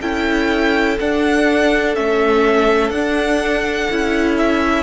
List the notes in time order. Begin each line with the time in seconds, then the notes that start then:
0.00 C#4 E4 A4 G5
0.99 D4 F#5
1.95 A3 C#4 E5
2.90 D4 F#5
3.91 C#4 E4
4.37 E5